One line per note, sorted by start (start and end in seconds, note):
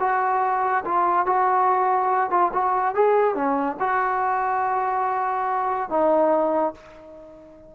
0.00 0.85 F#4
0.85 1.26 F4
1.26 2.31 F#4
2.31 2.52 F4
2.54 2.95 F#4
2.95 3.35 G#4
3.35 3.77 C#4
3.80 5.90 F#4
5.90 6.75 D#4